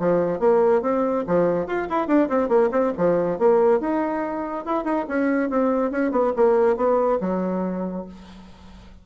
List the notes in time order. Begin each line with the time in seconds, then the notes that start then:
0.00 F3
0.40 A#3
0.82 C4
1.27 F3
1.67 F4
1.90 E4
2.08 D4
2.29 C4
2.49 A#3
2.72 C4
2.98 F3
3.39 A#3
3.81 D#4
4.66 E4
4.85 D#4
5.09 C#4
5.50 C4
5.92 C#4
6.12 B3
6.37 A#3
6.77 B3
7.21 F#3